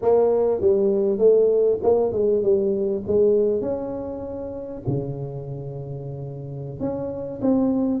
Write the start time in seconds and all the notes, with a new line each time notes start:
0.01 A#3
0.61 G3
1.18 A3
1.82 A#3
2.12 G#3
2.42 G3
3.07 G#3
3.61 C#4
4.87 C#3
6.80 C#4
7.41 C4